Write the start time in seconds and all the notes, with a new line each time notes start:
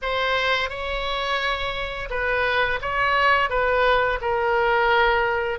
0.02 C5
0.69 C#5
2.09 B4
2.81 C#5
3.49 B4
4.21 A#4